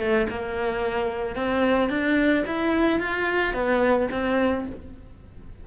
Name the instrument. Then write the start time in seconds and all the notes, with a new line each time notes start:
cello
0.00 A3
0.30 A#3
1.36 C4
1.90 D4
2.47 E4
3.00 F4
3.54 B3
4.12 C4